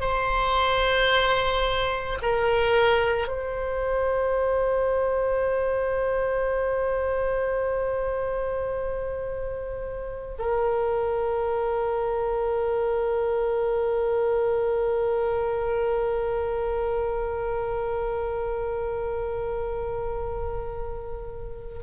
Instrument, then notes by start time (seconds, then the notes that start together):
oboe
0.00 C5
2.22 A#4
3.28 C5
10.38 A#4